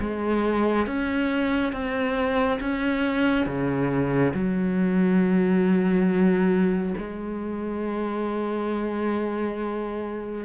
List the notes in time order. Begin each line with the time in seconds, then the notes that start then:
0.00 G#3
0.87 C#4
1.73 C4
2.60 C#4
3.46 C#3
4.34 F#3
6.98 G#3